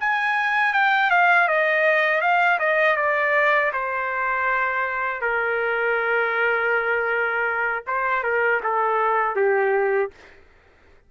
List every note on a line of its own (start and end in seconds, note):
0.00 0.73 G#5
0.73 1.10 G5
1.10 1.48 F5
1.48 2.21 D#5
2.21 2.58 F5
2.59 2.97 D#5
2.97 3.72 D5
3.73 5.21 C5
5.21 7.84 A#4
7.87 8.23 C5
8.23 8.61 A#4
8.63 9.36 A4
9.36 10.11 G4